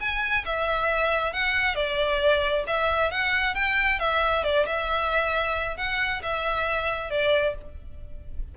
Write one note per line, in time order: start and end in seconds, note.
0.00 0.44 G#5
0.45 1.33 E5
1.33 1.75 F#5
1.75 2.64 D5
2.67 3.11 E5
3.11 3.55 F#5
3.55 3.99 G5
3.99 4.43 E5
4.44 4.66 D5
4.66 5.77 E5
5.77 6.21 F#5
6.22 7.10 E5
7.10 7.54 D5